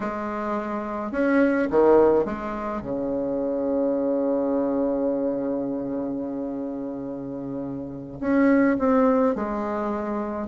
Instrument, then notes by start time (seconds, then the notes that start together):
bassoon
0.00 G#3
1.11 C#4
1.70 D#3
2.25 G#3
2.81 C#3
8.20 C#4
8.79 C4
9.35 G#3